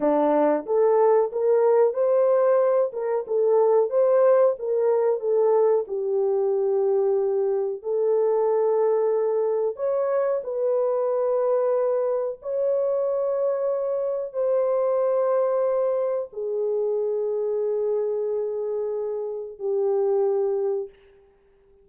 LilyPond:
\new Staff \with { instrumentName = "horn" } { \time 4/4 \tempo 4 = 92 d'4 a'4 ais'4 c''4~ | c''8 ais'8 a'4 c''4 ais'4 | a'4 g'2. | a'2. cis''4 |
b'2. cis''4~ | cis''2 c''2~ | c''4 gis'2.~ | gis'2 g'2 | }